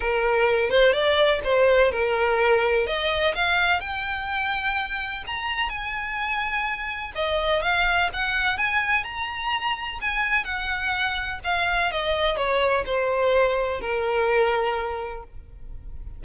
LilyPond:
\new Staff \with { instrumentName = "violin" } { \time 4/4 \tempo 4 = 126 ais'4. c''8 d''4 c''4 | ais'2 dis''4 f''4 | g''2. ais''4 | gis''2. dis''4 |
f''4 fis''4 gis''4 ais''4~ | ais''4 gis''4 fis''2 | f''4 dis''4 cis''4 c''4~ | c''4 ais'2. | }